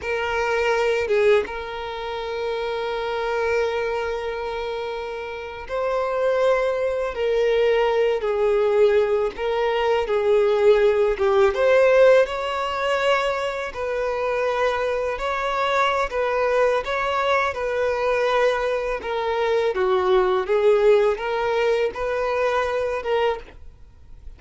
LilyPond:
\new Staff \with { instrumentName = "violin" } { \time 4/4 \tempo 4 = 82 ais'4. gis'8 ais'2~ | ais'2.~ ais'8. c''16~ | c''4.~ c''16 ais'4. gis'8.~ | gis'8. ais'4 gis'4. g'8 c''16~ |
c''8. cis''2 b'4~ b'16~ | b'8. cis''4~ cis''16 b'4 cis''4 | b'2 ais'4 fis'4 | gis'4 ais'4 b'4. ais'8 | }